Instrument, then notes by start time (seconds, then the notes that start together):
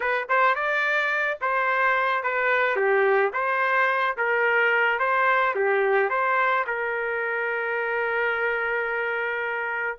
trumpet
0.00 B4
0.29 C5
0.55 D5
1.41 C5
2.23 B4
2.76 G4
3.33 C5
4.17 A#4
4.98 C5
5.55 G4
6.09 C5
6.67 A#4